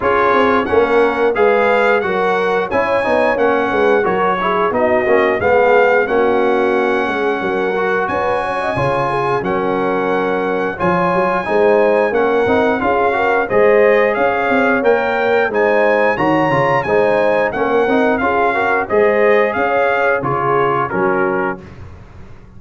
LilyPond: <<
  \new Staff \with { instrumentName = "trumpet" } { \time 4/4 \tempo 4 = 89 cis''4 fis''4 f''4 fis''4 | gis''4 fis''4 cis''4 dis''4 | f''4 fis''2. | gis''2 fis''2 |
gis''2 fis''4 f''4 | dis''4 f''4 g''4 gis''4 | ais''4 gis''4 fis''4 f''4 | dis''4 f''4 cis''4 ais'4 | }
  \new Staff \with { instrumentName = "horn" } { \time 4/4 gis'4 ais'4 b'4 ais'4 | cis''4. b'8 ais'8 gis'8 fis'4 | gis'4 fis'4. gis'8 ais'4 | b'8 cis''16 dis''16 cis''8 gis'8 ais'2 |
cis''4 c''4 ais'4 gis'8 ais'8 | c''4 cis''2 c''4 | cis''4 c''4 ais'4 gis'8 ais'8 | c''4 cis''4 gis'4 fis'4 | }
  \new Staff \with { instrumentName = "trombone" } { \time 4/4 f'4 cis'4 gis'4 fis'4 | e'8 dis'8 cis'4 fis'8 e'8 dis'8 cis'8 | b4 cis'2~ cis'8 fis'8~ | fis'4 f'4 cis'2 |
f'4 dis'4 cis'8 dis'8 f'8 fis'8 | gis'2 ais'4 dis'4 | fis'8 f'8 dis'4 cis'8 dis'8 f'8 fis'8 | gis'2 f'4 cis'4 | }
  \new Staff \with { instrumentName = "tuba" } { \time 4/4 cis'8 c'8 ais4 gis4 fis4 | cis'8 b8 ais8 gis8 fis4 b8 ais8 | gis4 ais4. gis8 fis4 | cis'4 cis4 fis2 |
f8 fis8 gis4 ais8 c'8 cis'4 | gis4 cis'8 c'8 ais4 gis4 | dis8 cis8 gis4 ais8 c'8 cis'4 | gis4 cis'4 cis4 fis4 | }
>>